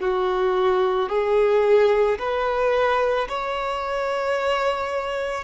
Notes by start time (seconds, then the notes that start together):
0.00 F#4
1.09 G#4
2.18 B4
3.28 C#5